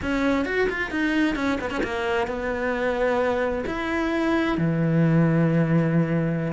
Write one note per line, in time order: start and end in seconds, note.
0.02 0.45 C#4
0.45 0.67 F#4
0.69 0.91 F4
0.91 1.35 D#4
1.35 1.58 C#4
1.60 1.70 B3
1.70 1.81 C#4
1.83 2.27 A#3
2.27 3.64 B3
3.66 4.57 E4
4.57 6.52 E3